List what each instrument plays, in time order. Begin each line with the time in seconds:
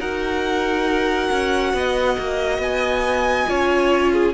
0.00 cello D#4, viola F#4, violin A#4 F#5
1.32 cello C#4
1.74 cello B3, violin D#5
2.18 cello A#3
2.59 cello B3, violin G#5
3.47 cello C#4, viola F4, violin C#5
4.13 violin G#4